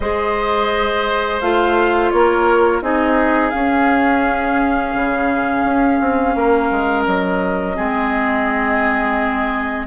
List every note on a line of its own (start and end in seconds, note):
0.00 1.41 G#3
0.00 1.41 G#4
0.00 2.12 C5
0.00 1.40 D#5
1.40 2.11 A3
1.40 2.81 F4
1.40 2.10 F5
2.10 2.81 A#3
2.10 2.83 A#4
2.10 2.81 C#5
2.81 3.52 C4
2.81 3.52 D#4
2.81 6.36 G#4
2.81 3.50 D#5
3.50 7.75 C#4
3.50 4.94 C#4
3.50 7.02 F5
4.94 5.64 C#3
5.64 5.99 C#4
6.00 6.35 C4
6.35 6.70 A#3
6.35 7.76 A#4
6.70 7.06 G#3
7.05 7.77 F#3
7.05 9.86 D#5
7.75 9.86 G#3
7.75 9.86 C4
7.75 9.86 G#4